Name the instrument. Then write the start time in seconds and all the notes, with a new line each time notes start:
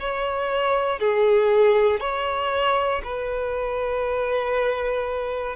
violin
0.00 C#5
1.00 G#4
2.00 C#5
3.04 B4